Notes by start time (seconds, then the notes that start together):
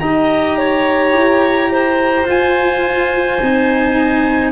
0.00 D#4 G4 D#5 A#5
0.58 C#5
1.13 E4
1.72 C5
2.25 F4 G#5
3.42 C4 D#4